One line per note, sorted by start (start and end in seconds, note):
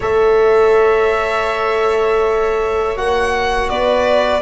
0.00 2.95 A3
0.00 2.96 A4
0.00 3.70 C#5
0.00 2.97 E5
2.95 3.69 A#3
2.95 4.41 F#4
2.95 3.69 F#5
3.69 4.41 B3
3.69 4.41 B4
3.69 4.41 D5